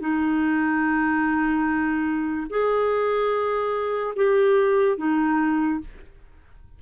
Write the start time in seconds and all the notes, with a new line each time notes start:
0.00 D#4
2.50 G#4
4.16 G4
4.97 D#4